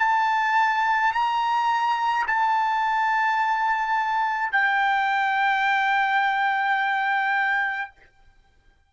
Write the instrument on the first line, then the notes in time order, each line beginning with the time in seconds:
trumpet
0.00 A5
1.13 A#5
2.27 A5
4.52 G5